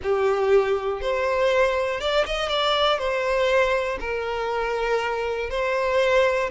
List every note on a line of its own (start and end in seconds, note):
0.02 1.01 G4
1.01 2.00 C5
2.00 2.25 D5
2.26 2.48 D#5
2.48 2.98 D5
2.98 3.98 C5
4.00 5.50 A#4
5.50 6.50 C5